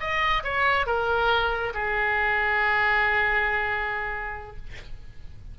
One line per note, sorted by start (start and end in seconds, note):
0.00 0.43 D#5
0.44 0.86 C#5
0.86 1.73 A#4
1.74 4.57 G#4